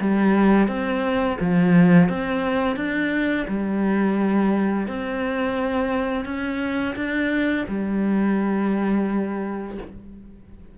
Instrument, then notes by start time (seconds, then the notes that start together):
cello
0.00 G3
0.68 C4
1.40 F3
2.09 C4
2.76 D4
3.48 G3
4.87 C4
6.25 C#4
6.95 D4
7.68 G3